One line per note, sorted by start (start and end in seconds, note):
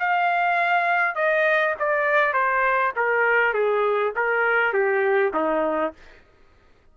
0.00 1.16 F5
1.16 1.75 D#5
1.80 2.34 D5
2.34 2.93 C5
2.96 3.54 A#4
3.54 4.13 G#4
4.16 4.74 A#4
4.74 5.33 G4
5.34 5.94 D#4